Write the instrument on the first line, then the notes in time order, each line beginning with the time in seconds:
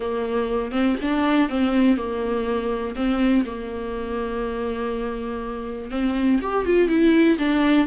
viola
0.00 A#3
0.71 C4
1.01 D4
1.49 C4
1.97 A#3
2.95 C4
3.45 A#3
5.90 C4
6.41 G4
6.65 F4
6.88 E4
7.38 D4